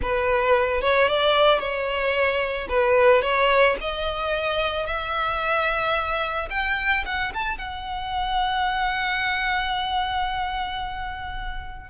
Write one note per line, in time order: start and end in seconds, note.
0.01 0.81 B4
0.81 1.08 C#5
1.08 1.59 D5
1.59 2.67 C#5
2.69 3.22 B4
3.22 3.76 C#5
3.81 4.86 D#5
4.86 6.48 E5
6.50 7.04 G5
7.05 7.32 F#5
7.34 7.58 A5
7.58 11.89 F#5